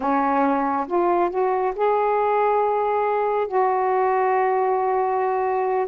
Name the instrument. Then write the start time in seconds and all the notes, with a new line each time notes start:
saxophone
0.00 C#4
0.87 F4
1.30 F#4
1.75 G#4
3.47 F#4